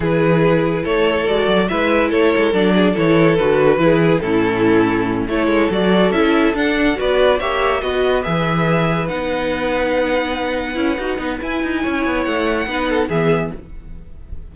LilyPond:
<<
  \new Staff \with { instrumentName = "violin" } { \time 4/4 \tempo 4 = 142 b'2 cis''4 d''4 | e''4 cis''4 d''4 cis''4 | b'2 a'2~ | a'8 cis''4 d''4 e''4 fis''8~ |
fis''8 d''4 e''4 dis''4 e''8~ | e''4. fis''2~ fis''8~ | fis''2. gis''4~ | gis''4 fis''2 e''4 | }
  \new Staff \with { instrumentName = "violin" } { \time 4/4 gis'2 a'2 | b'4 a'4. gis'8 a'4~ | a'4 gis'4 e'2~ | e'8 a'2.~ a'8~ |
a'8 b'4 cis''4 b'4.~ | b'1~ | b'1 | cis''2 b'8 a'8 gis'4 | }
  \new Staff \with { instrumentName = "viola" } { \time 4/4 e'2. fis'4 | e'2 d'4 e'4 | fis'4 e'4 cis'2~ | cis'8 e'4 fis'4 e'4 d'8~ |
d'8 fis'4 g'4 fis'4 gis'8~ | gis'4. dis'2~ dis'8~ | dis'4. e'8 fis'8 dis'8 e'4~ | e'2 dis'4 b4 | }
  \new Staff \with { instrumentName = "cello" } { \time 4/4 e2 a4 gis8 fis8 | gis4 a8 gis8 fis4 e4 | d4 e4 a,2~ | a,8 a8 gis8 fis4 cis'4 d'8~ |
d'8 b4 ais4 b4 e8~ | e4. b2~ b8~ | b4. cis'8 dis'8 b8 e'8 dis'8 | cis'8 b8 a4 b4 e4 | }
>>